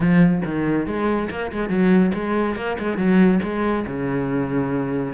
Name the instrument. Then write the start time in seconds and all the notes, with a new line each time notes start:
cello
0.00 F3
0.45 D#3
0.86 G#3
1.30 A#3
1.52 G#3
1.69 F#3
2.14 G#3
2.56 A#3
2.78 G#3
2.97 F#3
3.42 G#3
3.86 C#3